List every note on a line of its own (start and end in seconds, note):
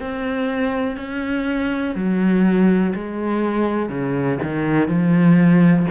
0.00 0.97 C4
0.97 1.95 C#4
1.95 2.94 F#3
2.95 3.89 G#3
3.89 4.38 C#3
4.43 4.88 D#3
4.88 5.86 F3